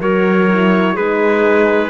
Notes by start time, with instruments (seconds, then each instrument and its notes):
0.00 cello F#3, horn F#4, clarinet A#4, trumpet C#5
0.50 horn E4
0.94 cello G#3, horn D#4, clarinet G#4, trumpet B4